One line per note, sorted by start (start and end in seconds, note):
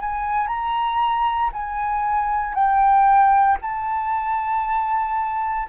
0.00 0.47 G#5
0.47 1.50 A#5
1.53 2.54 G#5
2.54 3.57 G5
3.62 5.68 A5